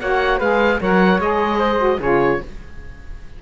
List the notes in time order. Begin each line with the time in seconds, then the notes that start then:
0.00 A#3 F#4 C#5 F#5
0.38 G#3 G#4 B4 F5
0.81 F#3 A#4 C#5 F#5
1.18 G#3 G#4 D#5
1.58 C5
1.78 F#4
2.00 C#3 F4 G#4 C#5